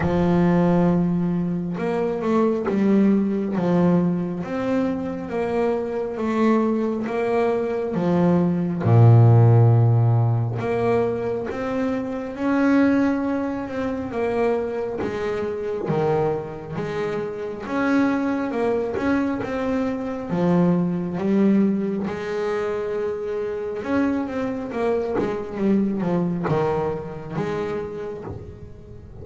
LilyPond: \new Staff \with { instrumentName = "double bass" } { \time 4/4 \tempo 4 = 68 f2 ais8 a8 g4 | f4 c'4 ais4 a4 | ais4 f4 ais,2 | ais4 c'4 cis'4. c'8 |
ais4 gis4 dis4 gis4 | cis'4 ais8 cis'8 c'4 f4 | g4 gis2 cis'8 c'8 | ais8 gis8 g8 f8 dis4 gis4 | }